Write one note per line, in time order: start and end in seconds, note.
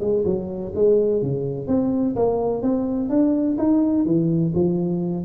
0.00 0.24 G#3
0.24 0.72 F#3
0.75 1.22 G#3
1.22 1.67 C#3
1.67 2.15 C4
2.15 2.62 A#3
2.62 3.09 C4
3.09 3.56 D4
3.58 4.05 D#4
4.05 4.53 E3
4.54 5.25 F3